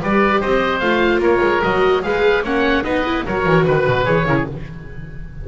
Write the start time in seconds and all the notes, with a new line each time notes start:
0.00 G3 G4 B4 D5
0.40 C4 C5 D#5
0.79 A3 F4 F5
1.18 A#3 A#4 C#5
1.42 G#3
1.62 F#3 F#4 D#5
2.02 G#3 G#4 B4 F5
2.43 A#3 C#4 C#5 F#5
2.83 B3 D#4 B4 D#5
3.05 E4
3.26 F#3 F#4 A#4 C#5
3.46 E3
3.64 D#3 B4
3.86 B2
4.04 E3 G#4 C#5
4.25 C#3 E4 A#4
4.35 G#4